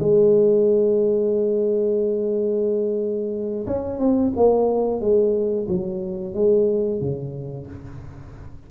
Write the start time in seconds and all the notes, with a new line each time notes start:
0.00 G#3
3.67 C#4
3.99 C4
4.37 A#3
5.01 G#3
5.69 F#3
6.35 G#3
7.01 C#3